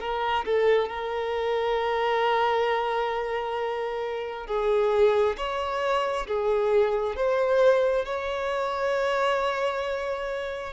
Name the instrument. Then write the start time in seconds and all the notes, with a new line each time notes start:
violin
0.00 A#4
0.45 A4
0.88 A#4
4.47 G#4
5.37 C#5
6.27 G#4
7.16 C5
8.05 C#5